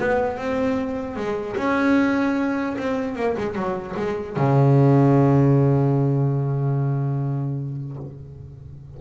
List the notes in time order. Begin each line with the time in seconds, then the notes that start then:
0.00 B3
0.38 C4
1.17 G#3
1.57 C#4
2.78 C4
3.16 A#3
3.38 G#3
3.55 F#3
3.97 G#3
4.37 C#3